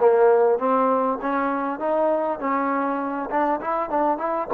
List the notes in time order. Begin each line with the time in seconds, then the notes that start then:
0.00 A#3
0.59 C4
1.22 C#4
1.80 D#4
2.40 C#4
3.31 D4
3.61 E4
3.90 D4
4.18 E4